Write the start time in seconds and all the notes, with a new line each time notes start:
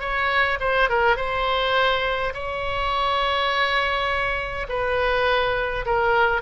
0.00 C#5
0.60 C5
0.89 A#4
1.17 C5
2.34 C#5
4.69 B4
5.86 A#4